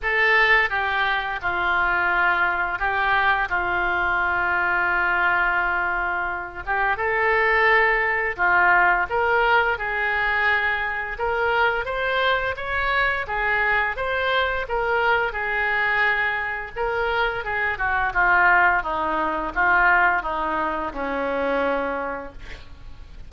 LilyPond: \new Staff \with { instrumentName = "oboe" } { \time 4/4 \tempo 4 = 86 a'4 g'4 f'2 | g'4 f'2.~ | f'4. g'8 a'2 | f'4 ais'4 gis'2 |
ais'4 c''4 cis''4 gis'4 | c''4 ais'4 gis'2 | ais'4 gis'8 fis'8 f'4 dis'4 | f'4 dis'4 cis'2 | }